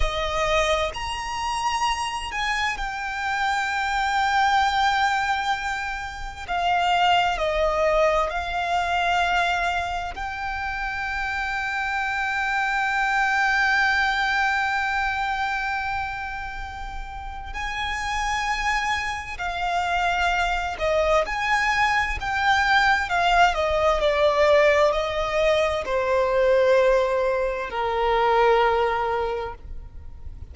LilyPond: \new Staff \with { instrumentName = "violin" } { \time 4/4 \tempo 4 = 65 dis''4 ais''4. gis''8 g''4~ | g''2. f''4 | dis''4 f''2 g''4~ | g''1~ |
g''2. gis''4~ | gis''4 f''4. dis''8 gis''4 | g''4 f''8 dis''8 d''4 dis''4 | c''2 ais'2 | }